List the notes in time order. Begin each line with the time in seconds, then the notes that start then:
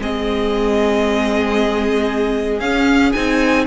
0.00 G#3 C4 G#4 D#5
2.60 C#4 F5
3.13 C4 D#4 G#5